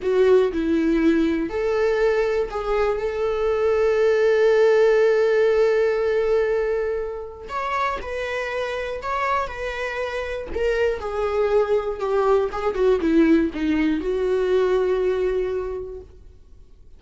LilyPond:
\new Staff \with { instrumentName = "viola" } { \time 4/4 \tempo 4 = 120 fis'4 e'2 a'4~ | a'4 gis'4 a'2~ | a'1~ | a'2. cis''4 |
b'2 cis''4 b'4~ | b'4 ais'4 gis'2 | g'4 gis'8 fis'8 e'4 dis'4 | fis'1 | }